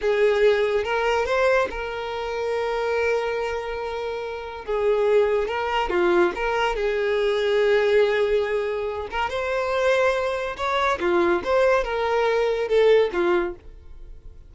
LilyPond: \new Staff \with { instrumentName = "violin" } { \time 4/4 \tempo 4 = 142 gis'2 ais'4 c''4 | ais'1~ | ais'2. gis'4~ | gis'4 ais'4 f'4 ais'4 |
gis'1~ | gis'4. ais'8 c''2~ | c''4 cis''4 f'4 c''4 | ais'2 a'4 f'4 | }